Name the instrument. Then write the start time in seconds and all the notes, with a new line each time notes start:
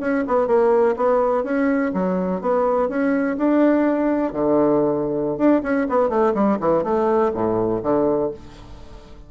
bassoon
0.00 C#4
0.27 B3
0.47 A#3
0.96 B3
1.43 C#4
1.93 F#3
2.41 B3
2.89 C#4
3.37 D4
4.33 D3
5.37 D4
5.63 C#4
5.89 B3
6.09 A3
6.34 G3
6.60 E3
6.84 A3
7.34 A2
7.83 D3